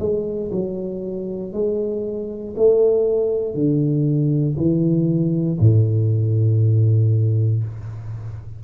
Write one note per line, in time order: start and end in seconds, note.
0.00 0.51 G#3
0.52 1.53 F#3
1.53 2.55 G#3
2.57 3.55 A3
3.55 4.57 D3
4.58 5.59 E3
5.61 7.64 A2